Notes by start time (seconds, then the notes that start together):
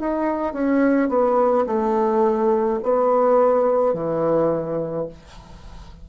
0.00 D#4
0.54 C#4
1.09 B3
1.67 A3
2.84 B3
3.94 E3